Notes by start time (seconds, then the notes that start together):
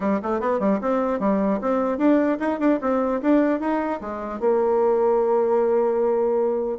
0.00 G3
0.22 A3
0.40 B3
0.59 G3
0.81 C4
1.19 G3
1.61 C4
1.98 D4
2.39 D#4
2.59 D4
2.81 C4
3.21 D4
3.59 D#4
4.01 G#3
4.40 A#3